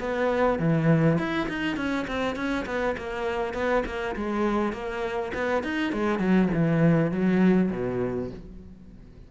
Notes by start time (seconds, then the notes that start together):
0.00 B3
0.59 E3
1.19 E4
1.49 D#4
1.77 C#4
2.08 C4
2.36 C#4
2.67 B3
2.98 A#3
3.54 B3
3.86 A#3
4.16 G#3
4.73 A#3
5.34 B3
5.64 D#4
5.93 G#3
6.20 F#3
6.54 E3
7.12 F#3
7.71 B2